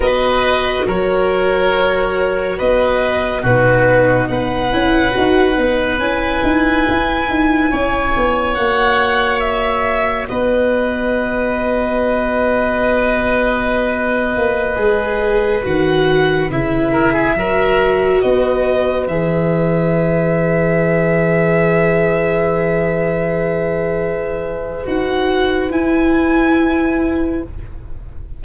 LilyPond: <<
  \new Staff \with { instrumentName = "violin" } { \time 4/4 \tempo 4 = 70 dis''4 cis''2 dis''4 | b'4 fis''2 gis''4~ | gis''2 fis''4 e''4 | dis''1~ |
dis''2~ dis''16 fis''4 e''8.~ | e''4~ e''16 dis''4 e''4.~ e''16~ | e''1~ | e''4 fis''4 gis''2 | }
  \new Staff \with { instrumentName = "oboe" } { \time 4/4 b'4 ais'2 b'4 | fis'4 b'2.~ | b'4 cis''2. | b'1~ |
b'2.~ b'8. ais'16 | gis'16 ais'4 b'2~ b'8.~ | b'1~ | b'1 | }
  \new Staff \with { instrumentName = "viola" } { \time 4/4 fis'1 | dis'4. e'8 fis'8 dis'8 e'4~ | e'2 fis'2~ | fis'1~ |
fis'4~ fis'16 gis'4 fis'4 e'8.~ | e'16 fis'2 gis'4.~ gis'16~ | gis'1~ | gis'4 fis'4 e'2 | }
  \new Staff \with { instrumentName = "tuba" } { \time 4/4 b4 fis2 b4 | b,4 b8 cis'8 dis'8 b8 cis'8 dis'8 | e'8 dis'8 cis'8 b8 ais2 | b1~ |
b8. ais8 gis4 dis4 cis8.~ | cis16 fis4 b4 e4.~ e16~ | e1~ | e4 dis'4 e'2 | }
>>